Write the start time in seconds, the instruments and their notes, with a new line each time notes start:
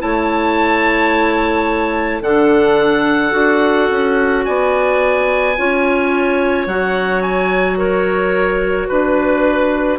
0.00 bassoon A3, clarinet E4 C#5, oboe A5
2.22 bassoon D3, clarinet D4 A4, oboe F#5
3.31 bassoon D4, clarinet F#4
3.91 bassoon C#4
4.45 bassoon B3, clarinet D5, oboe G#5
5.58 bassoon C#4, clarinet F4 C#5
6.66 bassoon F#3, clarinet F#4, oboe F#5
7.22 oboe G#5
7.78 clarinet A#4, oboe C#5
8.87 bassoon D4, clarinet B4, oboe B4